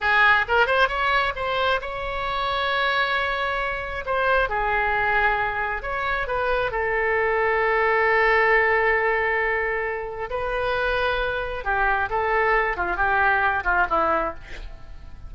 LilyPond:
\new Staff \with { instrumentName = "oboe" } { \time 4/4 \tempo 4 = 134 gis'4 ais'8 c''8 cis''4 c''4 | cis''1~ | cis''4 c''4 gis'2~ | gis'4 cis''4 b'4 a'4~ |
a'1~ | a'2. b'4~ | b'2 g'4 a'4~ | a'8 f'8 g'4. f'8 e'4 | }